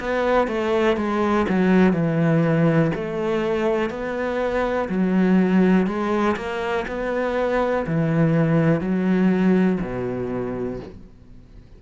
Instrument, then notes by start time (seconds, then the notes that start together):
cello
0.00 B3
0.47 A3
0.97 G#3
1.48 F#3
1.92 E3
2.95 A3
3.90 B3
4.89 F#3
5.87 G#3
6.36 A#3
6.88 B3
7.86 E3
8.80 F#3
9.81 B2